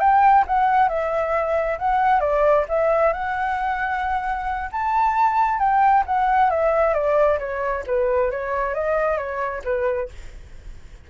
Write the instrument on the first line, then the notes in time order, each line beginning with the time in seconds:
flute
0.00 G5
0.47 F#5
0.89 E5
1.79 F#5
2.21 D5
2.69 E5
3.13 F#5
4.72 A5
5.59 G5
6.07 F#5
6.50 E5
6.94 D5
7.39 C#5
7.87 B4
8.31 C#5
8.74 D#5
9.18 C#5
9.65 B4